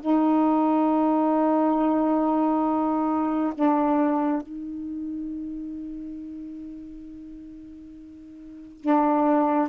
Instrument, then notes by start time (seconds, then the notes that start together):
saxophone
0.00 D#4
3.54 D4
4.42 D#4
8.81 D4